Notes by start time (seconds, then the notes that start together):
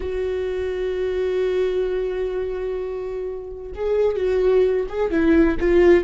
0.00 F#4
3.74 G#4
4.16 F#4
4.88 G#4
5.10 E4
5.60 F4